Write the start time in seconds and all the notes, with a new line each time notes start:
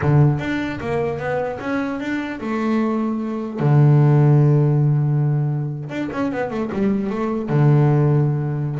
0.01 D3
0.39 D4
0.80 A#3
1.18 B3
1.59 C#4
2.00 D4
2.40 A3
3.59 D3
5.89 D4
6.12 C#4
6.32 B3
6.50 A3
6.72 G3
7.10 A3
7.49 D3